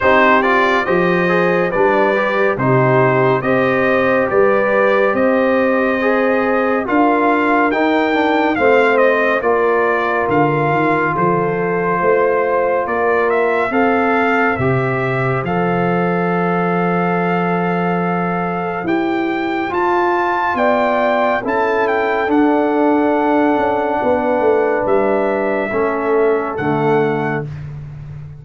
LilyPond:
<<
  \new Staff \with { instrumentName = "trumpet" } { \time 4/4 \tempo 4 = 70 c''8 d''8 dis''4 d''4 c''4 | dis''4 d''4 dis''2 | f''4 g''4 f''8 dis''8 d''4 | f''4 c''2 d''8 e''8 |
f''4 e''4 f''2~ | f''2 g''4 a''4 | g''4 a''8 g''8 fis''2~ | fis''4 e''2 fis''4 | }
  \new Staff \with { instrumentName = "horn" } { \time 4/4 g'4 c''4 b'4 g'4 | c''4 b'4 c''2 | ais'2 c''4 ais'4~ | ais'4 a'4 c''4 ais'4 |
c''1~ | c''1 | d''4 a'2. | b'2 a'2 | }
  \new Staff \with { instrumentName = "trombone" } { \time 4/4 dis'8 f'8 g'8 gis'8 d'8 g'8 dis'4 | g'2. gis'4 | f'4 dis'8 d'8 c'4 f'4~ | f'1 |
a'4 g'4 a'2~ | a'2 g'4 f'4~ | f'4 e'4 d'2~ | d'2 cis'4 a4 | }
  \new Staff \with { instrumentName = "tuba" } { \time 4/4 c'4 f4 g4 c4 | c'4 g4 c'2 | d'4 dis'4 a4 ais4 | d8 dis8 f4 a4 ais4 |
c'4 c4 f2~ | f2 e'4 f'4 | b4 cis'4 d'4. cis'8 | b8 a8 g4 a4 d4 | }
>>